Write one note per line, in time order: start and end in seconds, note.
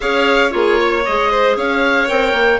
0.00 0.53 C#4
0.00 0.49 G#4
0.00 0.53 C#5
0.00 0.51 F5
0.49 1.05 A#3
0.49 1.02 F4
0.49 0.80 G#4
0.49 1.03 C#5
0.80 1.30 C#5
1.04 1.56 G#3
1.04 2.08 G#4
1.04 1.57 D#5
1.30 1.56 C5
1.56 2.08 C#4
1.56 2.59 C#5
1.56 2.08 F5
2.08 2.32 C4
2.08 2.59 A#4
2.08 2.59 G5
2.32 2.58 A#3